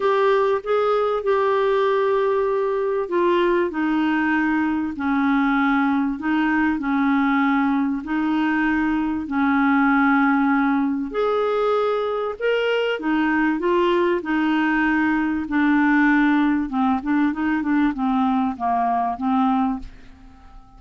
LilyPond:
\new Staff \with { instrumentName = "clarinet" } { \time 4/4 \tempo 4 = 97 g'4 gis'4 g'2~ | g'4 f'4 dis'2 | cis'2 dis'4 cis'4~ | cis'4 dis'2 cis'4~ |
cis'2 gis'2 | ais'4 dis'4 f'4 dis'4~ | dis'4 d'2 c'8 d'8 | dis'8 d'8 c'4 ais4 c'4 | }